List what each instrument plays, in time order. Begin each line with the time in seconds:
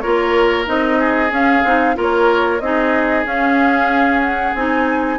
0.00 bassoon A#3, clarinet F4, oboe A#4, flute C#5
0.65 bassoon C4, clarinet D#4, flute D#5
0.99 oboe G#4
1.30 clarinet C#4, bassoon C#4, flute F5
1.64 bassoon C4, clarinet D#4
1.94 bassoon A#3, clarinet F4, oboe A#4
2.01 flute C#5
2.60 bassoon C4, clarinet D#4, oboe G#4, flute D#5
3.24 bassoon C#4, clarinet C#4, flute F5
4.22 flute F#5
4.54 bassoon C4, clarinet D#4, flute G#5